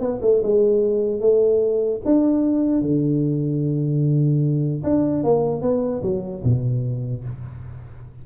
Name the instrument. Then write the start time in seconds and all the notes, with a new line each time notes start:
tuba
0.00 B3
0.22 A3
0.43 G#3
1.20 A3
2.05 D4
2.82 D3
4.83 D4
5.23 A#3
5.62 B3
6.02 F#3
6.43 B2